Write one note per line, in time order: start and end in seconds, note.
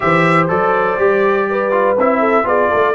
0.00 0.50 E3
0.00 0.48 G4
0.00 1.49 C5
0.00 0.46 E5
0.48 0.97 F#3
0.48 0.97 A4
0.48 1.97 D5
0.97 1.96 G3
0.97 1.71 G4
1.49 2.19 B4
1.71 1.95 F4
1.97 2.44 C4
1.97 2.44 E4
1.97 2.47 E5
2.19 2.44 A4
2.44 2.68 B3
2.44 2.93 F4
2.44 2.69 G#4
2.44 2.94 D5
2.69 2.94 A3
2.69 2.94 A4